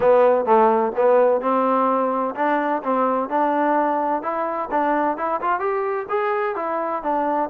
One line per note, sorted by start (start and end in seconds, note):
0.00 0.45 B3
0.45 0.92 A3
0.96 1.41 B3
1.41 2.34 C4
2.35 2.82 D4
2.83 3.29 C4
3.29 4.22 D4
4.22 4.69 E4
4.70 5.17 D4
5.17 5.40 E4
5.41 5.59 F4
5.59 6.06 G4
6.09 6.55 G#4
6.55 7.02 E4
7.02 7.49 D4